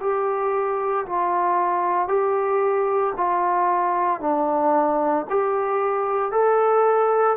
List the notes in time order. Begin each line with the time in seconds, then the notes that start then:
0.00 G4
1.06 F4
2.08 G4
3.17 F4
4.20 D4
5.29 G4
6.31 A4